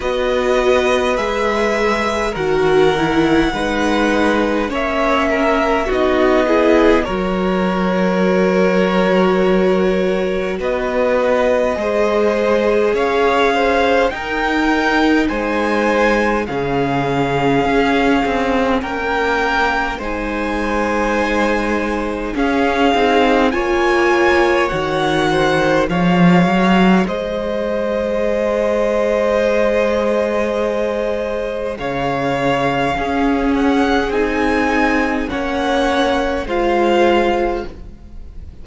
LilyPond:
<<
  \new Staff \with { instrumentName = "violin" } { \time 4/4 \tempo 4 = 51 dis''4 e''4 fis''2 | e''4 dis''4 cis''2~ | cis''4 dis''2 f''4 | g''4 gis''4 f''2 |
g''4 gis''2 f''4 | gis''4 fis''4 f''4 dis''4~ | dis''2. f''4~ | f''8 fis''8 gis''4 fis''4 f''4 | }
  \new Staff \with { instrumentName = "violin" } { \time 4/4 b'2 ais'4 b'4 | cis''8 ais'8 fis'8 gis'8 ais'2~ | ais'4 b'4 c''4 cis''8 c''8 | ais'4 c''4 gis'2 |
ais'4 c''2 gis'4 | cis''4. c''8 cis''4 c''4~ | c''2. cis''4 | gis'2 cis''4 c''4 | }
  \new Staff \with { instrumentName = "viola" } { \time 4/4 fis'4 gis'4 fis'8 e'8 dis'4 | cis'4 dis'8 e'8 fis'2~ | fis'2 gis'2 | dis'2 cis'2~ |
cis'4 dis'2 cis'8 dis'8 | f'4 fis'4 gis'2~ | gis'1 | cis'4 dis'4 cis'4 f'4 | }
  \new Staff \with { instrumentName = "cello" } { \time 4/4 b4 gis4 dis4 gis4 | ais4 b4 fis2~ | fis4 b4 gis4 cis'4 | dis'4 gis4 cis4 cis'8 c'8 |
ais4 gis2 cis'8 c'8 | ais4 dis4 f8 fis8 gis4~ | gis2. cis4 | cis'4 c'4 ais4 gis4 | }
>>